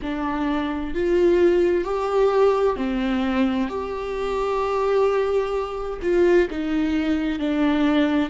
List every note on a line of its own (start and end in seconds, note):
0.02 0.94 D4
0.94 1.84 F4
1.84 2.76 G4
2.76 3.68 C4
3.68 5.99 G4
6.02 6.48 F4
6.50 7.39 D#4
7.39 8.29 D4